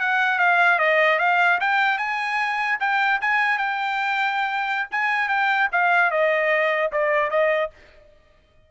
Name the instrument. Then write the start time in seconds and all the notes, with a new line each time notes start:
trumpet
0.00 F#5
0.39 F5
0.79 D#5
1.19 F5
1.61 G5
1.98 G#5
2.80 G5
3.22 G#5
3.58 G5
4.92 G#5
5.29 G5
5.72 F5
6.11 D#5
6.92 D5
7.31 D#5